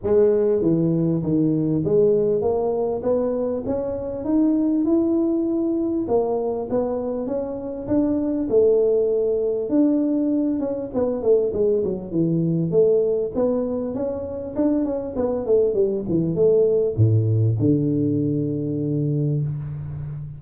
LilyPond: \new Staff \with { instrumentName = "tuba" } { \time 4/4 \tempo 4 = 99 gis4 e4 dis4 gis4 | ais4 b4 cis'4 dis'4 | e'2 ais4 b4 | cis'4 d'4 a2 |
d'4. cis'8 b8 a8 gis8 fis8 | e4 a4 b4 cis'4 | d'8 cis'8 b8 a8 g8 e8 a4 | a,4 d2. | }